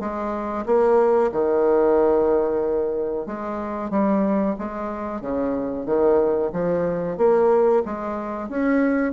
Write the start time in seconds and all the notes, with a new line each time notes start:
0.00 G#3
0.66 A#3
1.32 D#3
3.26 G#3
3.90 G3
4.59 G#3
5.21 C#3
5.86 D#3
6.52 F3
7.17 A#3
7.86 G#3
8.49 C#4